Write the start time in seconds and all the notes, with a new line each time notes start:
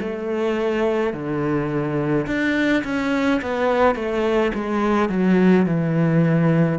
0.00 A3
1.13 D3
2.26 D4
2.84 C#4
3.41 B3
3.95 A3
4.54 G#3
5.09 F#3
5.66 E3